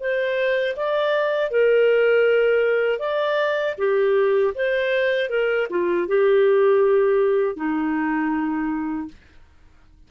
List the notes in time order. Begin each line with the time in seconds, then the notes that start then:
0.00 C5
0.76 D5
1.51 A#4
2.99 D5
3.78 G4
4.55 C5
5.30 A#4
5.70 F4
6.08 G4
7.56 D#4